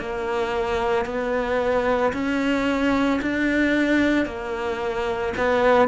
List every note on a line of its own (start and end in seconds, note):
0.00 1.06 A#3
1.06 2.13 B3
2.13 3.20 C#4
3.22 4.27 D4
4.27 5.34 A#3
5.38 5.89 B3